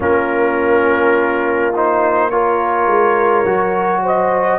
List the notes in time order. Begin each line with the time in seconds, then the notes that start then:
0.00 A#3 C#4 F4 A#4
1.75 D#4 C5
2.30 F4 A#4 C#5
2.86 G#3
3.44 F#3 F#4
4.02 C5 D#5